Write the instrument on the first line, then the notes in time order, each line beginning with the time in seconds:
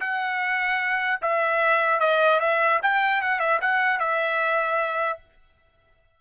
trumpet
0.00 F#5
1.22 E5
2.00 D#5
2.40 E5
2.83 G5
3.22 F#5
3.40 E5
3.62 F#5
4.00 E5